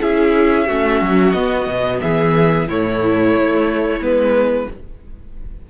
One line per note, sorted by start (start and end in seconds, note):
0.00 0.68 C#4
0.00 0.67 E4
0.00 0.66 G#4
0.00 1.32 E5
0.66 1.01 A3
0.66 1.35 C#4
0.66 2.00 F#4
1.01 1.33 F#3
1.32 1.67 B3
1.32 2.68 B3
1.32 1.99 D#5
1.67 2.00 B2
2.01 2.68 E3
2.01 2.67 G#4
2.01 2.67 E5
2.67 3.34 A2
2.67 4.01 A3
2.67 4.67 E4
2.67 4.03 C#5
3.34 4.00 A3
4.00 4.67 G#3
4.00 4.68 B3
4.00 4.69 B4